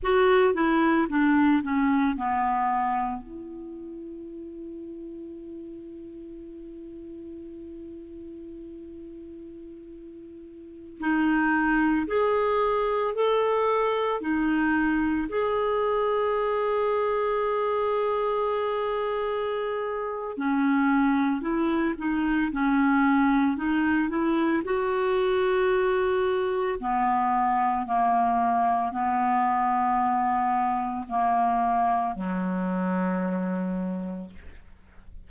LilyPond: \new Staff \with { instrumentName = "clarinet" } { \time 4/4 \tempo 4 = 56 fis'8 e'8 d'8 cis'8 b4 e'4~ | e'1~ | e'2~ e'16 dis'4 gis'8.~ | gis'16 a'4 dis'4 gis'4.~ gis'16~ |
gis'2. cis'4 | e'8 dis'8 cis'4 dis'8 e'8 fis'4~ | fis'4 b4 ais4 b4~ | b4 ais4 fis2 | }